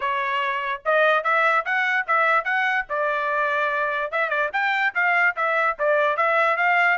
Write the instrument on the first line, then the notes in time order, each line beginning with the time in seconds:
trumpet
0.00 C#5
0.85 D#5
1.23 E5
1.65 F#5
2.07 E5
2.44 F#5
2.89 D5
4.11 E5
4.29 D5
4.52 G5
4.94 F5
5.35 E5
5.78 D5
6.16 E5
6.57 F5